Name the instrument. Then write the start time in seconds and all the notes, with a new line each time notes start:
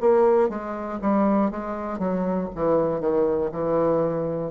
bassoon
0.00 A#3
0.49 G#3
1.01 G3
1.50 G#3
1.98 F#3
2.55 E3
3.00 D#3
3.51 E3